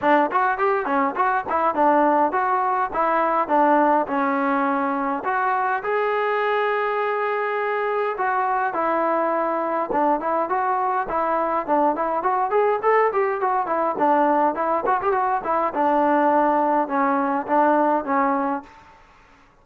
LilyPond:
\new Staff \with { instrumentName = "trombone" } { \time 4/4 \tempo 4 = 103 d'8 fis'8 g'8 cis'8 fis'8 e'8 d'4 | fis'4 e'4 d'4 cis'4~ | cis'4 fis'4 gis'2~ | gis'2 fis'4 e'4~ |
e'4 d'8 e'8 fis'4 e'4 | d'8 e'8 fis'8 gis'8 a'8 g'8 fis'8 e'8 | d'4 e'8 fis'16 g'16 fis'8 e'8 d'4~ | d'4 cis'4 d'4 cis'4 | }